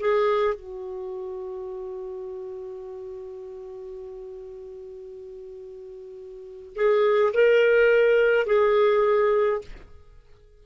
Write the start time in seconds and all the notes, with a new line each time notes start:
0.00 G#4
0.55 F#4
6.76 G#4
7.34 A#4
8.47 G#4